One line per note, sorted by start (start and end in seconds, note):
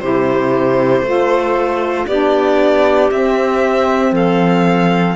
0.00 1.03 C3
0.00 1.05 E4
0.00 1.07 G4
0.00 2.07 C5
1.03 2.06 A3
1.03 2.08 F4
1.09 2.08 A4
2.07 3.11 B3
2.07 3.12 D4
2.07 4.13 G4
2.07 3.11 D5
3.11 4.12 C4
3.11 5.17 C4
3.11 4.15 E5
4.12 5.15 F3
4.12 5.16 A4
4.12 5.17 F5